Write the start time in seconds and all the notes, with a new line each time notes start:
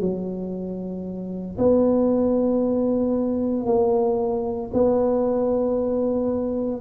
0.00 F#3
1.58 B3
3.66 A#3
4.73 B3